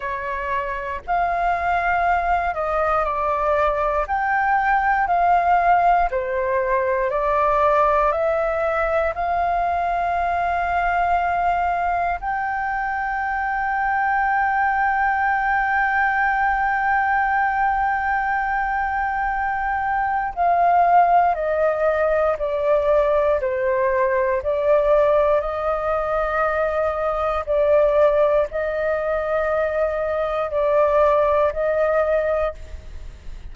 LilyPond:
\new Staff \with { instrumentName = "flute" } { \time 4/4 \tempo 4 = 59 cis''4 f''4. dis''8 d''4 | g''4 f''4 c''4 d''4 | e''4 f''2. | g''1~ |
g''1 | f''4 dis''4 d''4 c''4 | d''4 dis''2 d''4 | dis''2 d''4 dis''4 | }